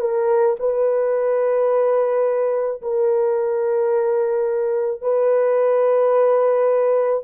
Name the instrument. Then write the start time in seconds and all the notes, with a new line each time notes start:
horn
0.00 A#4
0.59 B4
2.82 A#4
5.02 B4